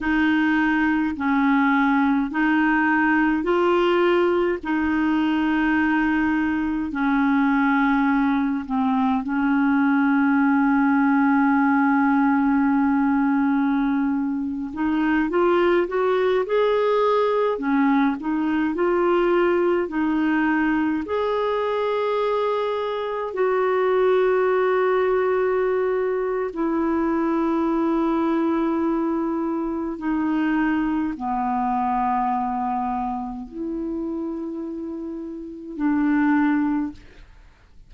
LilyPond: \new Staff \with { instrumentName = "clarinet" } { \time 4/4 \tempo 4 = 52 dis'4 cis'4 dis'4 f'4 | dis'2 cis'4. c'8 | cis'1~ | cis'8. dis'8 f'8 fis'8 gis'4 cis'8 dis'16~ |
dis'16 f'4 dis'4 gis'4.~ gis'16~ | gis'16 fis'2~ fis'8. e'4~ | e'2 dis'4 b4~ | b4 e'2 d'4 | }